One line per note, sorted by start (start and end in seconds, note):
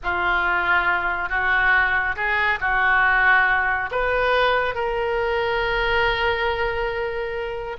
0.03 1.29 F4
1.29 2.15 F#4
2.16 2.59 G#4
2.60 3.90 F#4
3.91 4.74 B4
4.74 7.76 A#4